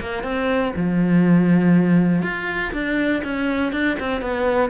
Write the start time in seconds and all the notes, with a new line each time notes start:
0.00 A#3
0.23 C4
0.76 F3
2.22 F4
2.72 D4
3.24 C#4
3.72 D4
3.99 C4
4.21 B3